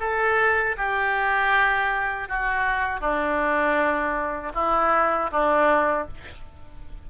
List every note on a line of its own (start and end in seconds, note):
0.00 0.76 A4
0.77 2.29 G4
2.29 3.01 F#4
3.01 4.53 D4
4.55 5.31 E4
5.32 6.08 D4